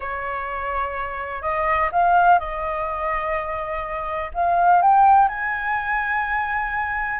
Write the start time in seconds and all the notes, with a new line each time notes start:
0.00 C#5
1.41 D#5
1.92 F5
2.39 D#5
4.33 F5
4.81 G5
5.28 G#5